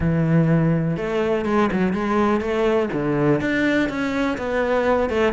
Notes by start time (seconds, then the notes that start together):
0.00 E3
0.96 A3
1.45 G#3
1.72 F#3
1.93 G#3
2.40 A3
2.93 D3
3.40 D4
3.89 C#4
4.37 B3
5.09 A3